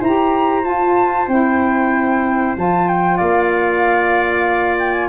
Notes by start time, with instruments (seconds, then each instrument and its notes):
0.00 tuba E4, saxophone G4, trumpet C5, flute A#5
0.62 saxophone F4, tuba F4, flute A5
1.28 tuba C4, saxophone E4, flute G5
2.57 tuba F3, saxophone F4, flute A5
2.88 flute G5
3.17 tuba A#3, trumpet D5, flute F5
4.79 flute G5
4.93 flute G#5